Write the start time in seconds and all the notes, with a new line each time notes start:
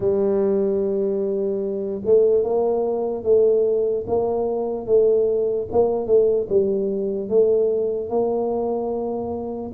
0.00 G3
2.05 A3
2.43 A#3
3.23 A3
4.07 A#3
4.86 A3
5.72 A#3
6.06 A3
6.49 G3
7.29 A3
8.09 A#3